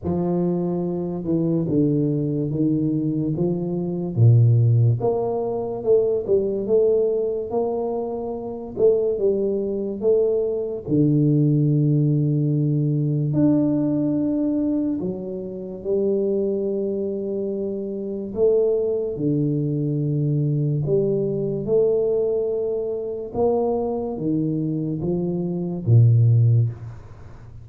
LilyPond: \new Staff \with { instrumentName = "tuba" } { \time 4/4 \tempo 4 = 72 f4. e8 d4 dis4 | f4 ais,4 ais4 a8 g8 | a4 ais4. a8 g4 | a4 d2. |
d'2 fis4 g4~ | g2 a4 d4~ | d4 g4 a2 | ais4 dis4 f4 ais,4 | }